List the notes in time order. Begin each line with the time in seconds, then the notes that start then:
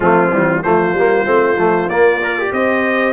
0.00 F3 A3 C4 F4
0.32 E3 G3
0.62 F3 A3 F4 C5
0.93 G3 A#3
1.25 A3 C4
1.57 F3 A3
1.88 A#3 D5
2.23 A#4
2.38 G4
2.52 C4 C5 D#5